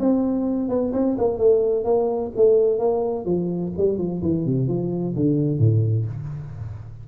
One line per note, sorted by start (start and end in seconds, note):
0.00 0.69 C4
0.69 0.92 B3
0.93 1.17 C4
1.18 1.38 A#3
1.38 1.85 A3
1.85 2.31 A#3
2.36 2.79 A3
2.79 3.26 A#3
3.26 3.72 F3
3.77 3.98 G3
3.98 4.22 F3
4.22 4.46 E3
4.46 4.68 C3
4.68 5.15 F3
5.16 5.59 D3
5.59 6.06 A2